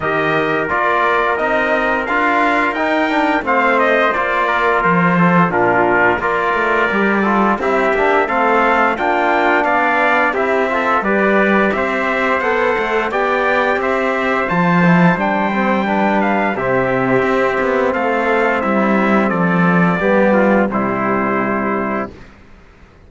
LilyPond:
<<
  \new Staff \with { instrumentName = "trumpet" } { \time 4/4 \tempo 4 = 87 dis''4 d''4 dis''4 f''4 | g''4 f''8 dis''8 d''4 c''4 | ais'4 d''2 e''4 | f''4 g''4 f''4 e''4 |
d''4 e''4 fis''4 g''4 | e''4 a''4 g''4. f''8 | e''2 f''4 e''4 | d''2 c''2 | }
  \new Staff \with { instrumentName = "trumpet" } { \time 4/4 ais'1~ | ais'4 c''4. ais'4 a'8 | f'4 ais'4. a'8 g'4 | a'4 f'4 d''4 g'8 a'8 |
b'4 c''2 d''4 | c''2. b'4 | g'2 a'4 e'4 | a'4 g'8 f'8 e'2 | }
  \new Staff \with { instrumentName = "trombone" } { \time 4/4 g'4 f'4 dis'4 f'4 | dis'8 d'8 c'4 f'2 | d'4 f'4 g'8 f'8 e'8 d'8 | c'4 d'2 e'8 f'8 |
g'2 a'4 g'4~ | g'4 f'8 e'8 d'8 c'8 d'4 | c'1~ | c'4 b4 g2 | }
  \new Staff \with { instrumentName = "cello" } { \time 4/4 dis4 ais4 c'4 d'4 | dis'4 a4 ais4 f4 | ais,4 ais8 a8 g4 c'8 ais8 | a4 ais4 b4 c'4 |
g4 c'4 b8 a8 b4 | c'4 f4 g2 | c4 c'8 b8 a4 g4 | f4 g4 c2 | }
>>